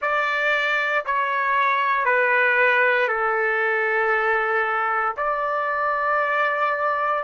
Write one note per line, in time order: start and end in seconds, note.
0.01 1.04 D5
1.05 2.05 C#5
2.05 3.08 B4
3.08 5.14 A4
5.16 7.23 D5